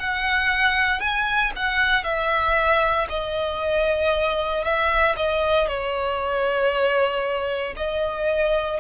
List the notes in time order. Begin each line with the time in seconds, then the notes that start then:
0.00 F#5
1.01 G#5
1.57 F#5
2.04 E5
3.09 D#5
4.65 E5
5.17 D#5
5.68 C#5
7.77 D#5